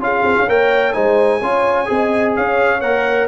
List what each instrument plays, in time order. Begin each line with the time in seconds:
0.00 tuba C#4, trombone F4, horn G#4, trumpet F5
0.24 tuba C4
0.39 tuba C#4
0.48 tuba A#3, trombone A#4, horn C#5, trumpet G5
0.93 tuba G#3, trombone D#4, horn C5, trumpet G#5
1.40 tuba C#4, trombone F4, horn C#5
1.86 tuba C4, trombone G#4, horn D#5
2.36 tuba C#4, horn C#5, trumpet F5
2.81 tuba A#3, trombone A#4, trumpet F#5